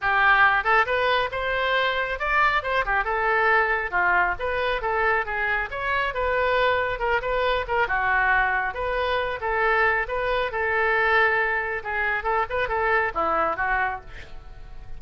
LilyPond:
\new Staff \with { instrumentName = "oboe" } { \time 4/4 \tempo 4 = 137 g'4. a'8 b'4 c''4~ | c''4 d''4 c''8 g'8 a'4~ | a'4 f'4 b'4 a'4 | gis'4 cis''4 b'2 |
ais'8 b'4 ais'8 fis'2 | b'4. a'4. b'4 | a'2. gis'4 | a'8 b'8 a'4 e'4 fis'4 | }